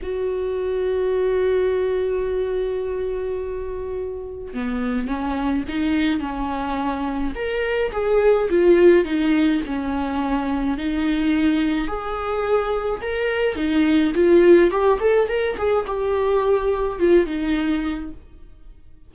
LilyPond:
\new Staff \with { instrumentName = "viola" } { \time 4/4 \tempo 4 = 106 fis'1~ | fis'1 | b4 cis'4 dis'4 cis'4~ | cis'4 ais'4 gis'4 f'4 |
dis'4 cis'2 dis'4~ | dis'4 gis'2 ais'4 | dis'4 f'4 g'8 a'8 ais'8 gis'8 | g'2 f'8 dis'4. | }